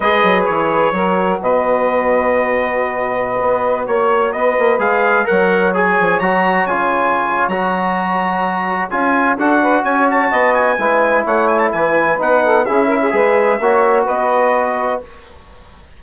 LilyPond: <<
  \new Staff \with { instrumentName = "trumpet" } { \time 4/4 \tempo 4 = 128 dis''4 cis''2 dis''4~ | dis''1~ | dis''16 cis''4 dis''4 f''4 fis''8.~ | fis''16 gis''4 ais''4 gis''4.~ gis''16 |
ais''2. gis''4 | fis''4 gis''8 a''4 gis''4. | fis''8 gis''16 a''16 gis''4 fis''4 e''4~ | e''2 dis''2 | }
  \new Staff \with { instrumentName = "saxophone" } { \time 4/4 b'2 ais'4 b'4~ | b'1~ | b'16 cis''4 b'2 cis''8.~ | cis''1~ |
cis''1 | a'8 b'8 cis''4 dis''4 b'4 | cis''4 b'4. a'8 gis'8 ais'16 gis'16 | b'4 cis''4 b'2 | }
  \new Staff \with { instrumentName = "trombone" } { \time 4/4 gis'2 fis'2~ | fis'1~ | fis'2~ fis'16 gis'4 ais'8.~ | ais'16 gis'4 fis'4 f'4.~ f'16 |
fis'2. f'4 | fis'2. e'4~ | e'2 dis'4 e'4 | gis'4 fis'2. | }
  \new Staff \with { instrumentName = "bassoon" } { \time 4/4 gis8 fis8 e4 fis4 b,4~ | b,2.~ b,16 b8.~ | b16 ais4 b8 ais8 gis4 fis8.~ | fis8. f8 fis4 cis4.~ cis16 |
fis2. cis'4 | d'4 cis'4 b4 gis4 | a4 e4 b4 cis'4 | gis4 ais4 b2 | }
>>